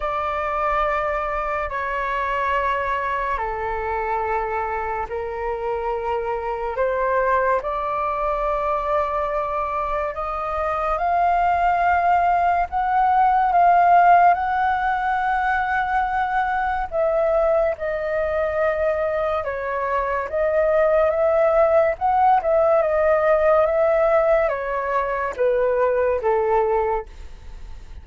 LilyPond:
\new Staff \with { instrumentName = "flute" } { \time 4/4 \tempo 4 = 71 d''2 cis''2 | a'2 ais'2 | c''4 d''2. | dis''4 f''2 fis''4 |
f''4 fis''2. | e''4 dis''2 cis''4 | dis''4 e''4 fis''8 e''8 dis''4 | e''4 cis''4 b'4 a'4 | }